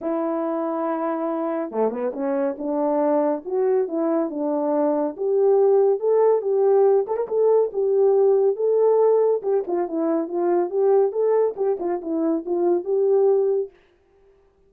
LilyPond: \new Staff \with { instrumentName = "horn" } { \time 4/4 \tempo 4 = 140 e'1 | a8 b8 cis'4 d'2 | fis'4 e'4 d'2 | g'2 a'4 g'4~ |
g'8 a'16 ais'16 a'4 g'2 | a'2 g'8 f'8 e'4 | f'4 g'4 a'4 g'8 f'8 | e'4 f'4 g'2 | }